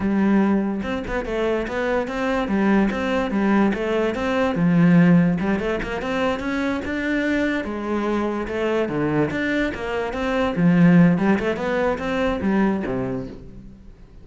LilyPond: \new Staff \with { instrumentName = "cello" } { \time 4/4 \tempo 4 = 145 g2 c'8 b8 a4 | b4 c'4 g4 c'4 | g4 a4 c'4 f4~ | f4 g8 a8 ais8 c'4 cis'8~ |
cis'8 d'2 gis4.~ | gis8 a4 d4 d'4 ais8~ | ais8 c'4 f4. g8 a8 | b4 c'4 g4 c4 | }